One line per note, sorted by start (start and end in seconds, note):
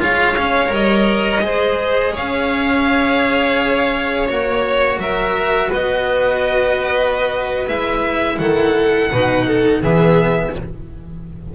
0.00 0.71 G#3
0.00 0.36 F4
0.00 1.44 C#5
0.00 0.74 F5
0.37 0.68 C#4
0.68 1.41 G3
0.68 1.39 A#4
0.68 2.16 D#5
1.41 2.13 G#3
1.41 4.27 G#4
1.41 2.13 C5
2.13 4.30 C#4
2.13 4.99 C#5
2.13 4.28 F5
4.28 4.98 A#3
4.28 7.67 F#4
4.28 4.99 C#5
4.98 5.69 F#3
4.98 5.68 A#4
4.98 5.71 E5
5.68 7.69 B3
5.68 8.36 B4
5.68 7.68 D#5
7.68 8.39 G#3
7.68 9.10 E4
7.68 8.38 E5
8.38 9.10 D#3
8.38 9.11 A4
8.38 9.81 F#5
9.11 9.82 B2
9.11 9.84 D#4
9.11 9.46 B4
9.47 9.82 A4
9.82 10.53 E3
9.82 10.55 B3
9.82 10.54 G#4
9.82 10.55 E5